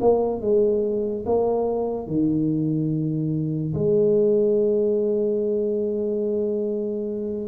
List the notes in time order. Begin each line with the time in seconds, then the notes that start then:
0.00 A#3
0.41 G#3
1.25 A#3
2.07 D#3
3.74 G#3